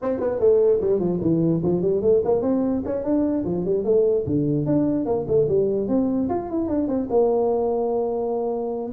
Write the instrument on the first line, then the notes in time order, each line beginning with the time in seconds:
tuba
0.01 C4
0.20 B3
0.39 A3
0.81 G3
0.99 F3
1.21 E3
1.63 F3
1.81 G3
2.01 A3
2.24 A#3
2.42 C4
2.85 C#4
3.04 D4
3.44 F3
3.65 G3
3.84 A3
4.26 D3
4.65 D4
5.05 A#3
5.27 A3
5.48 G3
5.88 C4
6.29 F4
6.49 E4
6.68 D4
6.87 C4
7.10 A#3